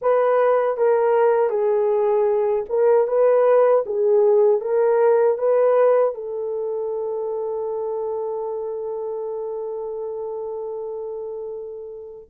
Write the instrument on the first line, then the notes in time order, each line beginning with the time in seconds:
horn
0.01 B4
0.77 A#4
1.49 G#4
2.69 A#4
3.07 B4
3.85 G#4
4.60 A#4
5.37 B4
6.14 A4